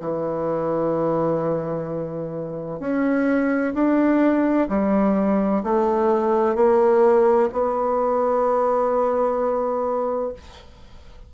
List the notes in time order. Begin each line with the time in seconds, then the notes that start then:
0.00 E3
2.80 C#4
3.74 D4
4.69 G3
5.63 A3
6.55 A#3
7.52 B3